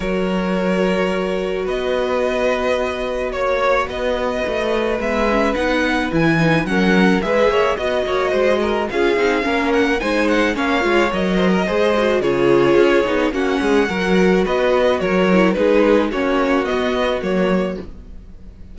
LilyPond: <<
  \new Staff \with { instrumentName = "violin" } { \time 4/4 \tempo 4 = 108 cis''2. dis''4~ | dis''2 cis''4 dis''4~ | dis''4 e''4 fis''4 gis''4 | fis''4 e''4 dis''2 |
f''4. fis''8 gis''8 fis''8 f''4 | dis''2 cis''2 | fis''2 dis''4 cis''4 | b'4 cis''4 dis''4 cis''4 | }
  \new Staff \with { instrumentName = "violin" } { \time 4/4 ais'2. b'4~ | b'2 cis''4 b'4~ | b'1 | ais'4 b'8 cis''8 dis''8 cis''8 c''8 ais'8 |
gis'4 ais'4 c''4 cis''4~ | cis''8 c''16 ais'16 c''4 gis'2 | fis'8 gis'8 ais'4 b'4 ais'4 | gis'4 fis'2. | }
  \new Staff \with { instrumentName = "viola" } { \time 4/4 fis'1~ | fis'1~ | fis'4 b8 cis'8 dis'4 e'8 dis'8 | cis'4 gis'4 fis'2 |
f'8 dis'8 cis'4 dis'4 cis'8 f'8 | ais'4 gis'8 fis'8 f'4. dis'8 | cis'4 fis'2~ fis'8 e'8 | dis'4 cis'4 b4 ais4 | }
  \new Staff \with { instrumentName = "cello" } { \time 4/4 fis2. b4~ | b2 ais4 b4 | a4 gis4 b4 e4 | fis4 gis8 ais8 b8 ais8 gis4 |
cis'8 c'8 ais4 gis4 ais8 gis8 | fis4 gis4 cis4 cis'8 b8 | ais8 gis8 fis4 b4 fis4 | gis4 ais4 b4 fis4 | }
>>